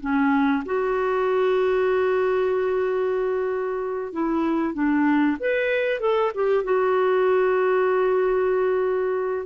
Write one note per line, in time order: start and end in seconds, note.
0.00 0.63 C#4
0.65 4.13 F#4
4.13 4.74 E4
4.74 5.37 D4
5.39 6.00 B4
6.00 6.32 A4
6.34 6.64 G4
6.64 9.46 F#4